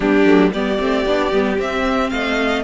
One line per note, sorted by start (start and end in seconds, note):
0.00 0.25 G3
0.00 0.24 B3
0.00 0.51 D4
0.00 0.51 G4
0.25 0.51 F#3
0.25 0.52 A3
0.52 0.78 G3
0.52 0.79 B3
0.52 2.10 G4
0.52 1.58 D5
0.79 1.05 A3
0.79 1.05 C4
1.05 1.32 B3
1.05 1.32 D4
1.32 1.58 G3
1.32 1.58 B3
1.58 2.11 C4
1.58 2.63 C4
1.58 2.09 E5
2.09 2.63 A3
2.09 2.63 D#5
2.09 2.62 F5